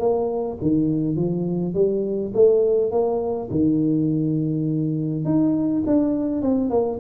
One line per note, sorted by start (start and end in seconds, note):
0.00 0.58 A#3
0.62 1.16 D#3
1.16 1.74 F3
1.74 2.33 G3
2.35 2.92 A3
2.92 3.50 A#3
3.51 5.25 D#3
5.25 5.84 D#4
5.87 6.42 D4
6.42 6.70 C4
6.70 6.99 A#3